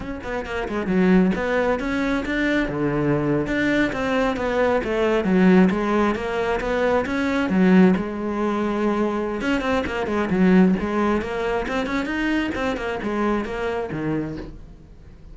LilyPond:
\new Staff \with { instrumentName = "cello" } { \time 4/4 \tempo 4 = 134 cis'8 b8 ais8 gis8 fis4 b4 | cis'4 d'4 d4.~ d16 d'16~ | d'8. c'4 b4 a4 fis16~ | fis8. gis4 ais4 b4 cis'16~ |
cis'8. fis4 gis2~ gis16~ | gis4 cis'8 c'8 ais8 gis8 fis4 | gis4 ais4 c'8 cis'8 dis'4 | c'8 ais8 gis4 ais4 dis4 | }